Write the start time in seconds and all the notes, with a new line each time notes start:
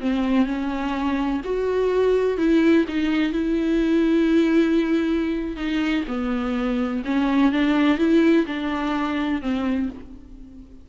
0.00 C4
0.46 C#4
1.44 F#4
2.37 E4
2.87 D#4
3.32 E4
5.56 D#4
6.07 B3
7.05 C#4
7.52 D4
7.98 E4
8.46 D4
9.41 C4